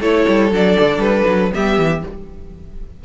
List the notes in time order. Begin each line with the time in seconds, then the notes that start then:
0.00 A3 E4 A4 C#5
0.28 G3
0.51 F#3 D4 D5
0.79 D3
0.98 G3 B4
1.26 F#3
1.52 G3 B3 G4 E5
1.78 E3